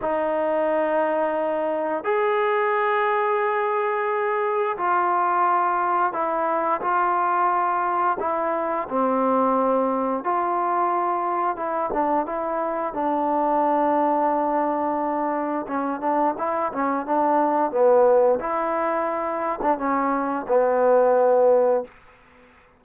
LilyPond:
\new Staff \with { instrumentName = "trombone" } { \time 4/4 \tempo 4 = 88 dis'2. gis'4~ | gis'2. f'4~ | f'4 e'4 f'2 | e'4 c'2 f'4~ |
f'4 e'8 d'8 e'4 d'4~ | d'2. cis'8 d'8 | e'8 cis'8 d'4 b4 e'4~ | e'8. d'16 cis'4 b2 | }